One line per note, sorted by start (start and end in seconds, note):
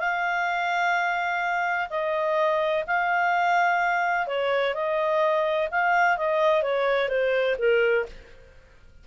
0.00 1.89 F5
1.90 2.85 D#5
2.88 4.27 F5
4.27 4.75 C#5
4.75 5.69 D#5
5.72 6.18 F5
6.18 6.63 D#5
6.63 7.09 C#5
7.09 7.56 C5
7.59 8.07 A#4